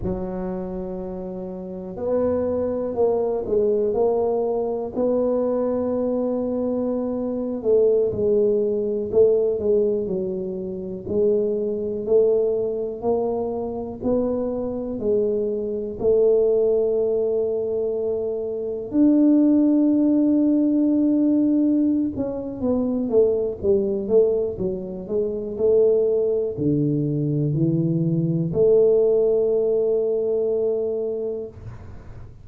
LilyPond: \new Staff \with { instrumentName = "tuba" } { \time 4/4 \tempo 4 = 61 fis2 b4 ais8 gis8 | ais4 b2~ b8. a16~ | a16 gis4 a8 gis8 fis4 gis8.~ | gis16 a4 ais4 b4 gis8.~ |
gis16 a2. d'8.~ | d'2~ d'8 cis'8 b8 a8 | g8 a8 fis8 gis8 a4 d4 | e4 a2. | }